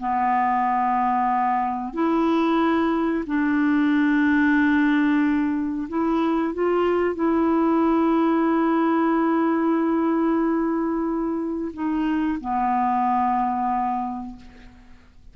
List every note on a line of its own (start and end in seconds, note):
0.00 1.94 B3
1.94 3.24 E4
3.27 5.88 D4
5.89 6.54 E4
6.54 7.16 F4
7.16 11.72 E4
11.74 12.39 D#4
12.41 14.37 B3